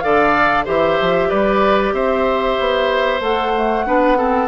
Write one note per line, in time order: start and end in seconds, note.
0.00 0.67 D3
0.00 0.65 A4
0.00 0.64 D5
0.00 0.64 F5
0.64 0.99 E3
0.64 3.20 G4
0.64 1.28 C5
0.64 1.30 E5
1.01 1.31 F3
1.29 1.93 G3
1.29 1.93 B4
1.29 1.93 D5
1.93 2.56 C4
1.93 3.86 C5
1.93 3.22 E5
2.59 3.20 B3
3.20 3.84 A3
3.20 3.54 A4
3.20 4.47 F#5
3.55 3.86 A3
3.86 4.47 B3
3.86 4.16 D4
3.86 4.18 B4
4.16 4.47 C4
4.16 4.47 A4